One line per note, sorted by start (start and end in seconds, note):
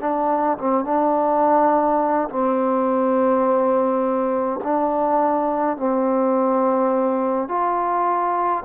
0.00 0.58 D4
0.58 0.84 C4
0.84 2.29 D4
2.29 4.60 C4
4.64 5.76 D4
5.76 7.48 C4
7.48 8.64 F4